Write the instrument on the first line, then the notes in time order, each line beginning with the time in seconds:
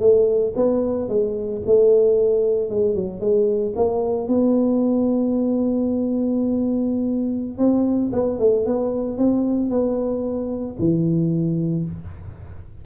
tuba
0.00 A3
0.56 B3
1.08 G#3
1.66 A3
2.70 G#3
2.95 F#3
3.20 G#3
3.76 A#3
4.28 B3
7.58 C4
8.12 B3
8.39 A3
8.66 B3
9.18 C4
9.70 B3
10.79 E3